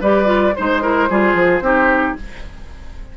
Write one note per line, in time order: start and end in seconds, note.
0.00 0.54 G3
0.00 0.25 G4
0.00 0.54 B4
0.00 0.55 D5
0.25 0.52 F4
0.55 1.10 G#3
0.55 0.82 D#4
0.55 2.15 C5
0.55 0.81 C5
0.81 1.08 E4
0.81 1.08 A#4
1.09 1.33 G3
1.09 1.62 F4
1.09 1.63 G#4
1.33 1.60 F3
1.61 2.15 C4
1.61 2.16 D#4
1.61 2.17 G4